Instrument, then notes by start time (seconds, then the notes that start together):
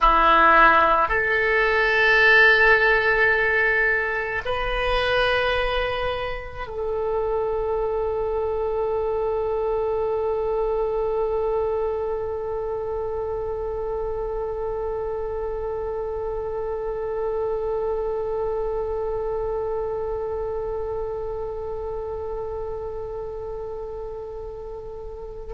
oboe
0.01 E4
1.08 A4
4.45 B4
6.67 A4